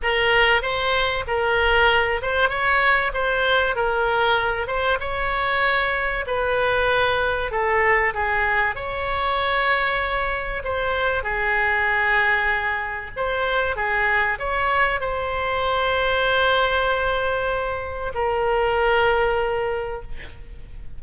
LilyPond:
\new Staff \with { instrumentName = "oboe" } { \time 4/4 \tempo 4 = 96 ais'4 c''4 ais'4. c''8 | cis''4 c''4 ais'4. c''8 | cis''2 b'2 | a'4 gis'4 cis''2~ |
cis''4 c''4 gis'2~ | gis'4 c''4 gis'4 cis''4 | c''1~ | c''4 ais'2. | }